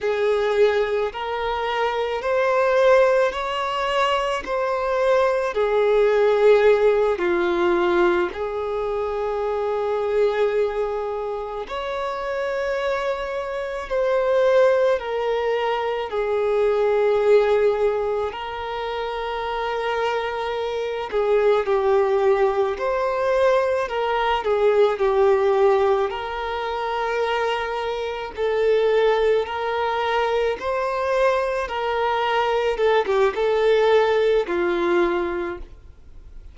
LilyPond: \new Staff \with { instrumentName = "violin" } { \time 4/4 \tempo 4 = 54 gis'4 ais'4 c''4 cis''4 | c''4 gis'4. f'4 gis'8~ | gis'2~ gis'8 cis''4.~ | cis''8 c''4 ais'4 gis'4.~ |
gis'8 ais'2~ ais'8 gis'8 g'8~ | g'8 c''4 ais'8 gis'8 g'4 ais'8~ | ais'4. a'4 ais'4 c''8~ | c''8 ais'4 a'16 g'16 a'4 f'4 | }